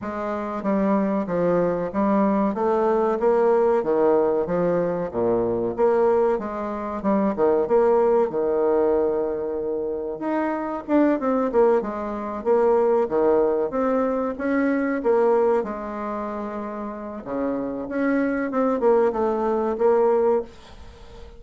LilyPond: \new Staff \with { instrumentName = "bassoon" } { \time 4/4 \tempo 4 = 94 gis4 g4 f4 g4 | a4 ais4 dis4 f4 | ais,4 ais4 gis4 g8 dis8 | ais4 dis2. |
dis'4 d'8 c'8 ais8 gis4 ais8~ | ais8 dis4 c'4 cis'4 ais8~ | ais8 gis2~ gis8 cis4 | cis'4 c'8 ais8 a4 ais4 | }